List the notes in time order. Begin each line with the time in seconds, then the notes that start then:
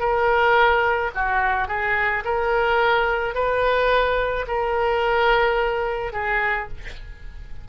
0.00 A#4
1.15 F#4
1.68 G#4
2.25 A#4
3.35 B4
4.47 A#4
6.13 G#4